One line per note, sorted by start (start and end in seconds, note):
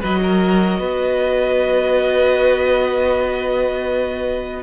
0.00 0.79 F#3
0.00 4.62 F#4
0.00 0.19 B4
0.00 4.62 D#5
0.22 0.79 A#4
0.79 4.62 B3
0.79 4.62 B4